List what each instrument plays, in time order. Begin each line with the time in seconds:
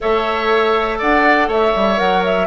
0.00 bassoon A3, clarinet A4, oboe C#5, flute E5
0.98 bassoon D4, oboe D5, flute F#5
1.47 bassoon A3, oboe C#5, flute E5
1.75 bassoon G3
1.97 bassoon F#3, clarinet A#4, flute F#5
2.24 flute E5